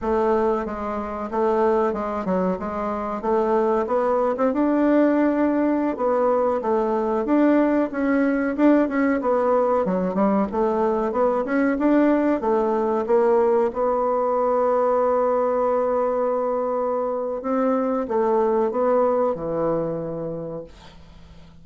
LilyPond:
\new Staff \with { instrumentName = "bassoon" } { \time 4/4 \tempo 4 = 93 a4 gis4 a4 gis8 fis8 | gis4 a4 b8. c'16 d'4~ | d'4~ d'16 b4 a4 d'8.~ | d'16 cis'4 d'8 cis'8 b4 fis8 g16~ |
g16 a4 b8 cis'8 d'4 a8.~ | a16 ais4 b2~ b8.~ | b2. c'4 | a4 b4 e2 | }